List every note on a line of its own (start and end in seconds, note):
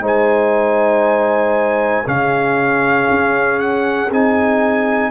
0.00 2.03 G#3
0.00 2.04 D#4
0.00 2.04 C5
0.07 2.08 G#5
2.04 3.08 C#3
2.04 4.10 C#4
2.04 5.10 G#4
2.04 3.59 F5
3.10 4.10 C#4
3.59 4.10 F#5
4.10 5.10 C4
4.10 5.10 D#4
4.10 5.10 G#5